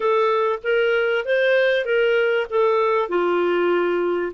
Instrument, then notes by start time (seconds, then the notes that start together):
clarinet
0.00 A4
0.63 A#4
1.25 C5
1.85 A#4
2.49 A4
3.08 F4